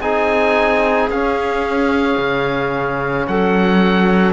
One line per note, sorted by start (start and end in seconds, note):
0.00 1.09 C4
0.00 1.10 D#4
0.00 3.28 G#4
0.00 1.10 G#5
1.09 2.17 C#4
1.09 4.33 C#4
1.09 3.27 F5
2.17 3.27 C#3
3.27 4.33 F#3
3.27 4.33 A4
3.27 4.33 F#5